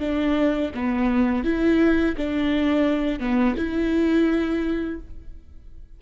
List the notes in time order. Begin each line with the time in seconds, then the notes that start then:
0.00 D4
0.75 B3
1.44 E4
2.17 D4
3.20 B3
3.57 E4